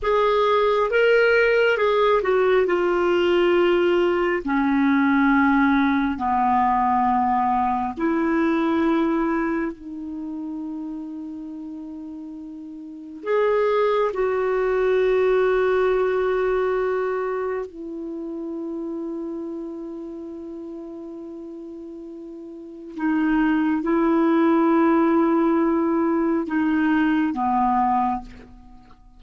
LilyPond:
\new Staff \with { instrumentName = "clarinet" } { \time 4/4 \tempo 4 = 68 gis'4 ais'4 gis'8 fis'8 f'4~ | f'4 cis'2 b4~ | b4 e'2 dis'4~ | dis'2. gis'4 |
fis'1 | e'1~ | e'2 dis'4 e'4~ | e'2 dis'4 b4 | }